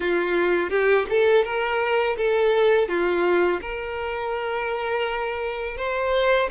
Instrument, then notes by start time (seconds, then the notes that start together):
violin
0.00 F4
0.69 G4
1.09 A4
1.44 A#4
2.17 A4
2.88 F4
3.61 A#4
5.77 C5